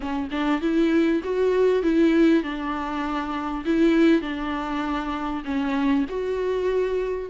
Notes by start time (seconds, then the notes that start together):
0.00 C#4
0.31 D4
0.61 E4
1.23 F#4
1.83 E4
2.43 D4
3.65 E4
4.21 D4
5.45 C#4
6.09 F#4